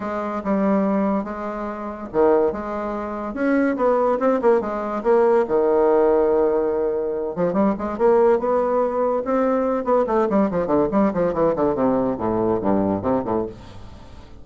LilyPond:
\new Staff \with { instrumentName = "bassoon" } { \time 4/4 \tempo 4 = 143 gis4 g2 gis4~ | gis4 dis4 gis2 | cis'4 b4 c'8 ais8 gis4 | ais4 dis2.~ |
dis4. f8 g8 gis8 ais4 | b2 c'4. b8 | a8 g8 f8 d8 g8 f8 e8 d8 | c4 a,4 g,4 c8 a,8 | }